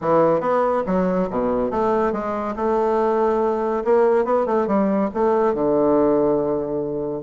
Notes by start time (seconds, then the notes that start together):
0.01 E3
0.40 B3
0.86 F#3
1.30 B2
1.70 A3
2.12 G#3
2.56 A3
3.84 A#3
4.25 B3
4.46 A3
4.67 G3
5.14 A3
5.54 D3